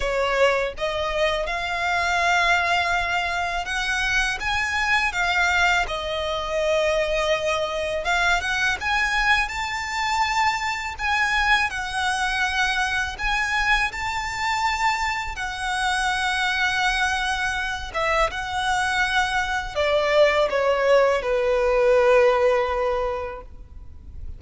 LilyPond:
\new Staff \with { instrumentName = "violin" } { \time 4/4 \tempo 4 = 82 cis''4 dis''4 f''2~ | f''4 fis''4 gis''4 f''4 | dis''2. f''8 fis''8 | gis''4 a''2 gis''4 |
fis''2 gis''4 a''4~ | a''4 fis''2.~ | fis''8 e''8 fis''2 d''4 | cis''4 b'2. | }